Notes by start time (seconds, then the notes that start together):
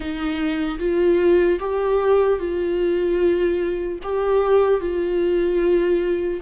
0.00 D#4
0.79 F4
1.59 G4
2.39 F4
4.02 G4
4.80 F4